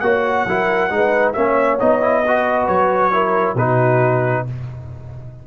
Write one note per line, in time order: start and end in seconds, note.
0.00 0.45 A#3
0.00 0.47 F#4
0.00 0.47 C#5
0.00 1.32 F#5
0.47 0.91 F#3
0.47 0.90 E4
0.47 0.92 A#4
0.90 1.35 G#3
0.90 1.34 D#4
0.90 1.35 B4
1.33 1.80 A#3
1.33 1.79 C#4
1.33 2.23 C#5
1.33 1.77 E5
1.80 2.68 B3
1.80 2.01 D#4
1.80 2.67 D#5
2.01 2.23 E4
2.27 3.12 F#4
2.27 3.13 B4
2.67 3.55 F#3
2.67 3.56 C#5
3.12 3.56 E4
3.12 3.56 A#4
3.55 4.43 B2
3.55 4.47 D#4
3.55 4.44 F#4
3.55 4.46 B4